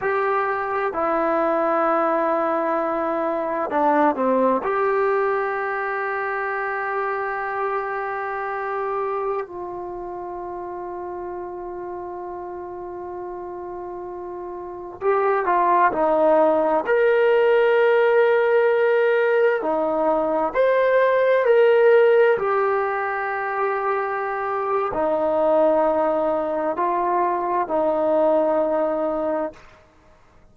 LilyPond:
\new Staff \with { instrumentName = "trombone" } { \time 4/4 \tempo 4 = 65 g'4 e'2. | d'8 c'8 g'2.~ | g'2~ g'16 f'4.~ f'16~ | f'1~ |
f'16 g'8 f'8 dis'4 ais'4.~ ais'16~ | ais'4~ ais'16 dis'4 c''4 ais'8.~ | ais'16 g'2~ g'8. dis'4~ | dis'4 f'4 dis'2 | }